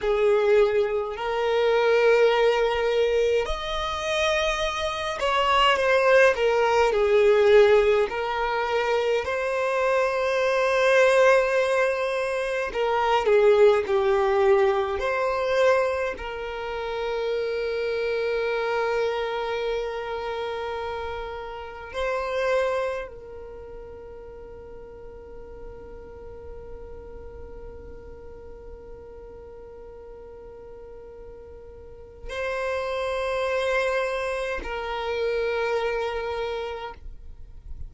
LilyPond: \new Staff \with { instrumentName = "violin" } { \time 4/4 \tempo 4 = 52 gis'4 ais'2 dis''4~ | dis''8 cis''8 c''8 ais'8 gis'4 ais'4 | c''2. ais'8 gis'8 | g'4 c''4 ais'2~ |
ais'2. c''4 | ais'1~ | ais'1 | c''2 ais'2 | }